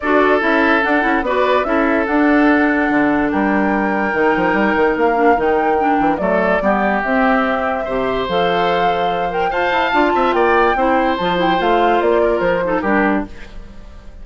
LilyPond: <<
  \new Staff \with { instrumentName = "flute" } { \time 4/4 \tempo 4 = 145 d''4 e''4 fis''4 d''4 | e''4 fis''2. | g''1 | f''4 g''2 d''4~ |
d''4 e''2. | f''2~ f''8 g''8 a''4~ | a''4 g''2 a''8 g''8 | f''4 d''4 c''4 ais'4 | }
  \new Staff \with { instrumentName = "oboe" } { \time 4/4 a'2. b'4 | a'1 | ais'1~ | ais'2. a'4 |
g'2. c''4~ | c''2. f''4~ | f''8 e''8 d''4 c''2~ | c''4. ais'4 a'8 g'4 | }
  \new Staff \with { instrumentName = "clarinet" } { \time 4/4 fis'4 e'4 d'8 e'8 fis'4 | e'4 d'2.~ | d'2 dis'2~ | dis'8 d'8 dis'4 d'4 a4 |
b4 c'2 g'4 | a'2~ a'8 ais'8 c''4 | f'2 e'4 f'8 e'8 | f'2~ f'8 dis'8 d'4 | }
  \new Staff \with { instrumentName = "bassoon" } { \time 4/4 d'4 cis'4 d'8 cis'8 b4 | cis'4 d'2 d4 | g2 dis8 f8 g8 dis8 | ais4 dis4. e8 fis4 |
g4 c'2 c4 | f2. f'8 e'8 | d'8 c'8 ais4 c'4 f4 | a4 ais4 f4 g4 | }
>>